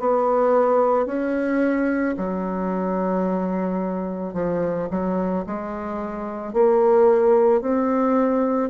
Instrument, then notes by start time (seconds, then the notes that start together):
bassoon
0.00 B3
1.07 C#4
2.18 F#3
4.34 F3
4.90 F#3
5.47 G#3
6.54 A#3
7.62 C4